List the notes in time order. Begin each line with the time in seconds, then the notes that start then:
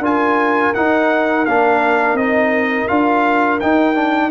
0.00 D4 F4 A#4 G#5
0.74 D#4 F#5
1.46 A#3 D4 F5
2.14 C4 D#4 D#5
2.88 D4 F4 F5
3.61 D#4 G5
3.95 D4